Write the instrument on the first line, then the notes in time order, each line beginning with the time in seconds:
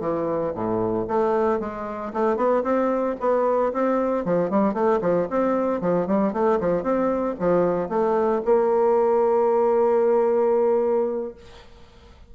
bassoon
0.00 E3
0.54 A2
1.07 A3
1.60 G#3
2.13 A3
2.36 B3
2.63 C4
3.20 B3
3.72 C4
4.25 F3
4.50 G3
4.73 A3
5.01 F3
5.30 C4
5.81 F3
6.07 G3
6.33 A3
6.60 F3
6.83 C4
7.39 F3
7.89 A3
8.45 A#3